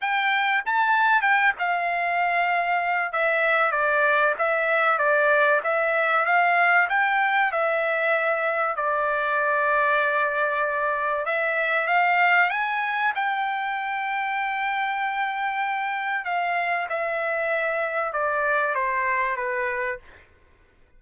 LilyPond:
\new Staff \with { instrumentName = "trumpet" } { \time 4/4 \tempo 4 = 96 g''4 a''4 g''8 f''4.~ | f''4 e''4 d''4 e''4 | d''4 e''4 f''4 g''4 | e''2 d''2~ |
d''2 e''4 f''4 | gis''4 g''2.~ | g''2 f''4 e''4~ | e''4 d''4 c''4 b'4 | }